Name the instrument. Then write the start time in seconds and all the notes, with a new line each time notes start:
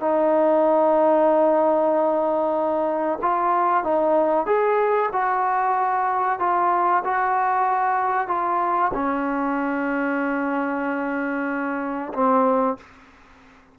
trombone
0.00 D#4
3.22 F4
3.84 D#4
4.46 G#4
5.13 F#4
6.39 F4
7.04 F#4
8.28 F4
8.94 C#4
12.14 C4